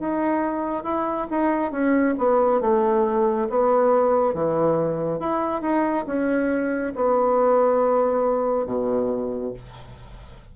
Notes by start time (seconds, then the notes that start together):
0.00 D#4
0.84 E4
1.31 D#4
1.72 C#4
2.19 B3
2.61 A3
3.50 B3
4.34 E3
5.20 E4
5.62 D#4
6.07 C#4
6.96 B3
8.66 B2